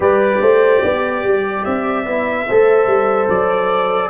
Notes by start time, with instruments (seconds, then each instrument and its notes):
0.00 tuba G3, trombone G4, horn B4, trumpet D5
0.41 tuba A3, horn C5
0.81 tuba B3, horn D5
1.23 tuba G3
1.64 tuba C4, trumpet E5
2.05 tuba B3, trombone E4
2.47 tuba A3, trombone A4, horn C5
2.86 tuba G3
3.28 tuba F#3, trumpet D5